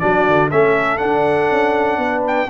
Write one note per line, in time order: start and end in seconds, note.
0.00 0.28 F#3
0.00 0.50 D4
0.00 0.51 F#4
0.00 0.50 D5
0.28 0.52 D3
0.51 1.01 A3
0.51 0.99 C#4
0.51 1.99 A4
0.51 0.98 E5
0.98 2.48 D4
0.98 1.51 D4
0.98 2.22 F#5
1.51 1.98 C#4
1.98 2.48 B3
1.98 2.49 B4
2.27 2.50 G5